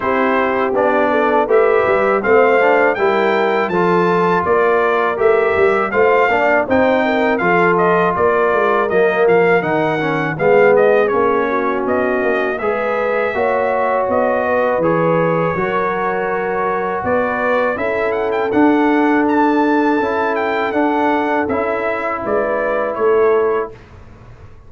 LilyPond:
<<
  \new Staff \with { instrumentName = "trumpet" } { \time 4/4 \tempo 4 = 81 c''4 d''4 e''4 f''4 | g''4 a''4 d''4 e''4 | f''4 g''4 f''8 dis''8 d''4 | dis''8 f''8 fis''4 f''8 dis''8 cis''4 |
dis''4 e''2 dis''4 | cis''2. d''4 | e''8 fis''16 g''16 fis''4 a''4. g''8 | fis''4 e''4 d''4 cis''4 | }
  \new Staff \with { instrumentName = "horn" } { \time 4/4 g'4. a'8 b'4 c''4 | ais'4 a'4 ais'2 | c''8 d''8 c''8 ais'8 a'4 ais'4~ | ais'2 gis'4. fis'8~ |
fis'4 b'4 cis''4. b'8~ | b'4 ais'2 b'4 | a'1~ | a'2 b'4 a'4 | }
  \new Staff \with { instrumentName = "trombone" } { \time 4/4 e'4 d'4 g'4 c'8 d'8 | e'4 f'2 g'4 | f'8 d'8 dis'4 f'2 | ais4 dis'8 cis'8 b4 cis'4~ |
cis'4 gis'4 fis'2 | gis'4 fis'2. | e'4 d'2 e'4 | d'4 e'2. | }
  \new Staff \with { instrumentName = "tuba" } { \time 4/4 c'4 b4 a8 g8 a4 | g4 f4 ais4 a8 g8 | a8 ais8 c'4 f4 ais8 gis8 | fis8 f8 dis4 gis4 ais4 |
b8 ais8 gis4 ais4 b4 | e4 fis2 b4 | cis'4 d'2 cis'4 | d'4 cis'4 gis4 a4 | }
>>